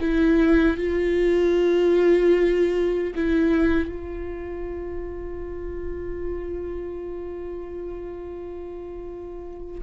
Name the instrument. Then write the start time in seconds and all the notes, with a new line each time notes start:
viola
0.00 E4
0.77 F4
3.15 E4
3.88 F4